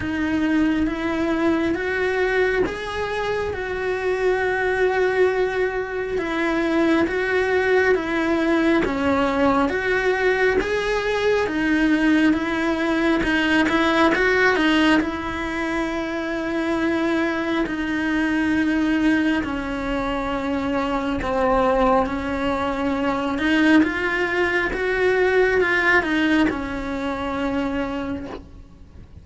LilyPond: \new Staff \with { instrumentName = "cello" } { \time 4/4 \tempo 4 = 68 dis'4 e'4 fis'4 gis'4 | fis'2. e'4 | fis'4 e'4 cis'4 fis'4 | gis'4 dis'4 e'4 dis'8 e'8 |
fis'8 dis'8 e'2. | dis'2 cis'2 | c'4 cis'4. dis'8 f'4 | fis'4 f'8 dis'8 cis'2 | }